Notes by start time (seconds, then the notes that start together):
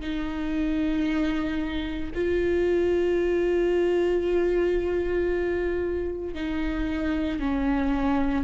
0.00 D#4
2.14 F4
6.34 D#4
7.39 C#4